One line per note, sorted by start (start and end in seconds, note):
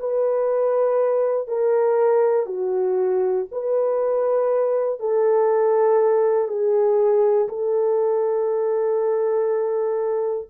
0.00 1.48 B4
1.48 2.46 A#4
2.46 3.46 F#4
3.52 5.00 B4
5.00 6.48 A4
6.48 7.48 G#4
7.49 10.49 A4